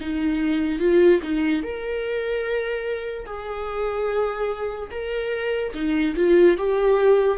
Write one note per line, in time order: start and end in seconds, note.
0.00 0.79 D#4
0.79 1.20 F4
1.22 1.63 D#4
1.63 3.25 A#4
3.25 4.90 G#4
4.91 5.73 A#4
5.74 6.15 D#4
6.16 6.57 F4
6.57 7.37 G4